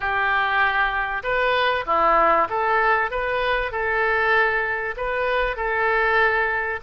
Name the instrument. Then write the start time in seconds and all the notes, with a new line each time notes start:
oboe
0.00 G4
1.23 B4
1.86 E4
2.49 A4
3.11 B4
3.71 A4
4.97 B4
5.56 A4